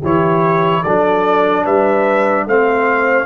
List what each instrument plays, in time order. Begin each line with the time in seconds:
0.00 tuba E3, trombone E4, horn G4, trumpet C#5
0.82 tuba F#3, trombone D4, horn A4, trumpet D5
1.64 tuba G3, horn B4, trumpet E5
2.46 tuba A3, trombone C4, horn C5, trumpet F5